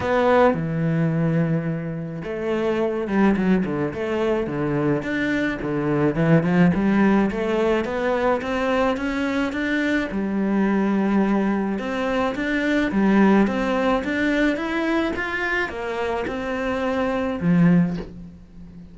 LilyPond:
\new Staff \with { instrumentName = "cello" } { \time 4/4 \tempo 4 = 107 b4 e2. | a4. g8 fis8 d8 a4 | d4 d'4 d4 e8 f8 | g4 a4 b4 c'4 |
cis'4 d'4 g2~ | g4 c'4 d'4 g4 | c'4 d'4 e'4 f'4 | ais4 c'2 f4 | }